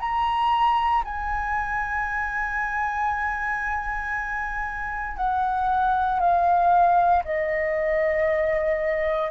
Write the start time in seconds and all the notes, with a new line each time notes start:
0.00 A#5
1.04 G#5
5.17 F#5
6.20 F5
7.24 D#5